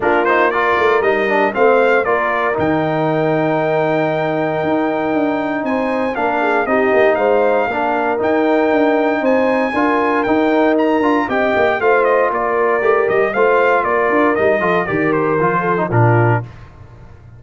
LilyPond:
<<
  \new Staff \with { instrumentName = "trumpet" } { \time 4/4 \tempo 4 = 117 ais'8 c''8 d''4 dis''4 f''4 | d''4 g''2.~ | g''2. gis''4 | f''4 dis''4 f''2 |
g''2 gis''2 | g''4 ais''4 g''4 f''8 dis''8 | d''4. dis''8 f''4 d''4 | dis''4 d''8 c''4. ais'4 | }
  \new Staff \with { instrumentName = "horn" } { \time 4/4 f'4 ais'2 c''4 | ais'1~ | ais'2. c''4 | ais'8 gis'8 g'4 c''4 ais'4~ |
ais'2 c''4 ais'4~ | ais'2 dis''4 c''4 | ais'2 c''4 ais'4~ | ais'8 a'8 ais'4. a'8 f'4 | }
  \new Staff \with { instrumentName = "trombone" } { \time 4/4 d'8 dis'8 f'4 dis'8 d'8 c'4 | f'4 dis'2.~ | dis'1 | d'4 dis'2 d'4 |
dis'2. f'4 | dis'4. f'8 g'4 f'4~ | f'4 g'4 f'2 | dis'8 f'8 g'4 f'8. dis'16 d'4 | }
  \new Staff \with { instrumentName = "tuba" } { \time 4/4 ais4. a8 g4 a4 | ais4 dis2.~ | dis4 dis'4 d'4 c'4 | ais4 c'8 ais8 gis4 ais4 |
dis'4 d'4 c'4 d'4 | dis'4. d'8 c'8 ais8 a4 | ais4 a8 g8 a4 ais8 d'8 | g8 f8 dis4 f4 ais,4 | }
>>